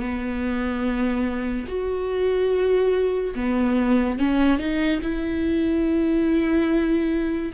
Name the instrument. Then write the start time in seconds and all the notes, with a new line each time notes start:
viola
0.00 B3
1.68 F#4
3.36 B3
4.19 C#4
4.59 D#4
5.03 E4